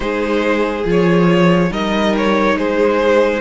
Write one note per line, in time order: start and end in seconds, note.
0.00 0.84 G#3
0.00 0.82 D#4
0.00 1.71 G#4
0.00 0.85 C5
0.85 1.70 F3
0.85 1.70 F4
0.85 1.72 C#5
1.70 2.55 G3
1.70 3.41 D#4
1.70 2.56 A#4
1.70 2.15 D#5
2.17 2.57 C#5
2.55 3.40 G#3
2.55 3.41 G#4
2.55 3.41 C5